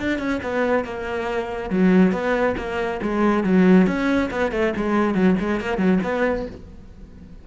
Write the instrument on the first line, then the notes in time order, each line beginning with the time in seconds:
cello
0.00 D4
0.19 C#4
0.43 B3
0.85 A#3
1.70 F#3
2.12 B3
2.58 A#3
3.02 G#3
3.44 F#3
3.87 C#4
4.31 B3
4.52 A3
4.76 G#3
5.14 F#3
5.40 G#3
5.61 A#3
5.78 F#3
6.03 B3